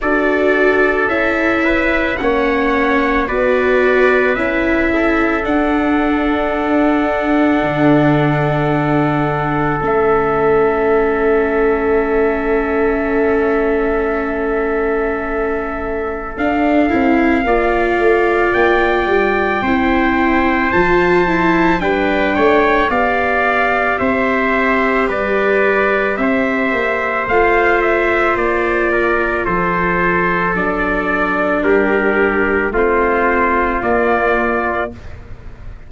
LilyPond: <<
  \new Staff \with { instrumentName = "trumpet" } { \time 4/4 \tempo 4 = 55 d''4 e''4 fis''4 d''4 | e''4 fis''2.~ | fis''4 e''2.~ | e''2. f''4~ |
f''4 g''2 a''4 | g''4 f''4 e''4 d''4 | e''4 f''8 e''8 d''4 c''4 | d''4 ais'4 c''4 d''4 | }
  \new Staff \with { instrumentName = "trumpet" } { \time 4/4 a'4. b'8 cis''4 b'4~ | b'8 a'2.~ a'8~ | a'1~ | a'1 |
d''2 c''2 | b'8 cis''8 d''4 c''4 b'4 | c''2~ c''8 ais'8 a'4~ | a'4 g'4 f'2 | }
  \new Staff \with { instrumentName = "viola" } { \time 4/4 fis'4 e'4 cis'4 fis'4 | e'4 d'2.~ | d'4 cis'2.~ | cis'2. d'8 e'8 |
f'2 e'4 f'8 e'8 | d'4 g'2.~ | g'4 f'2. | d'2 c'4 ais4 | }
  \new Staff \with { instrumentName = "tuba" } { \time 4/4 d'4 cis'4 ais4 b4 | cis'4 d'2 d4~ | d4 a2.~ | a2. d'8 c'8 |
ais8 a8 ais8 g8 c'4 f4 | g8 a8 b4 c'4 g4 | c'8 ais8 a4 ais4 f4 | fis4 g4 a4 ais4 | }
>>